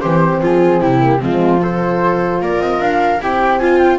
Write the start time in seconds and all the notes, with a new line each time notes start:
0.00 E3 C4 G4 C5
0.41 F3 F4 G#4
0.80 C3 E4 G4
0.99 A#3
1.19 F3 G#3 C4 F4
1.60 F4 A4 C5
2.40 A#3 A#4 D5
2.59 C4 D#5
2.80 D4 F5
3.20 C4 E4 G4 G5
3.59 F4 G#5
3.78 G5